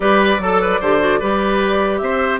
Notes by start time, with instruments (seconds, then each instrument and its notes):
0.00 bassoon G3, clarinet G4, oboe B4, flute D5
0.38 bassoon F#3, clarinet A4, oboe A4
0.61 oboe B4
0.80 bassoon D3, clarinet G4, oboe C5
0.99 clarinet F#4
1.19 bassoon G3, clarinet G4, oboe B4
1.97 bassoon C4, oboe C5, flute E5